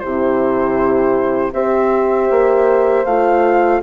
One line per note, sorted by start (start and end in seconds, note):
0.00 1.53 C3
0.00 1.54 E4
0.00 1.54 G4
0.00 1.52 C5
1.53 2.29 C4
1.53 3.06 G4
1.53 3.82 C5
1.53 3.05 E5
2.30 3.05 A#3
3.05 3.81 A3
3.05 3.83 F4
3.05 3.81 F5